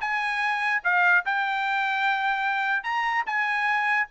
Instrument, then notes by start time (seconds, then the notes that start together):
trumpet
0.00 G#5
0.83 F5
1.25 G5
2.83 A#5
3.26 G#5